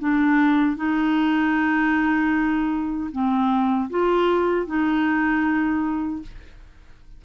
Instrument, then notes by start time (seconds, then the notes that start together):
clarinet
0.00 D4
0.77 D#4
3.12 C4
3.91 F4
4.67 D#4